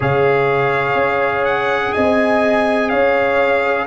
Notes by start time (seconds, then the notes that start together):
0.00 C#3 G#4 C#5 F5
0.94 C#4
1.44 F#5
1.92 C4 D#5 G#5
2.89 C#4 C#5 F5